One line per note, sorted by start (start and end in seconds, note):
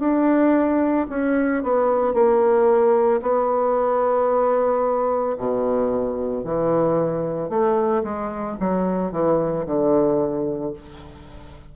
0.00 1.07 D4
1.10 1.63 C#4
1.64 2.14 B3
2.14 3.21 A#3
3.22 5.37 B3
5.38 6.44 B2
6.44 7.50 E3
7.50 8.03 A3
8.04 8.58 G#3
8.61 9.12 F#3
9.12 9.66 E3
9.66 10.73 D3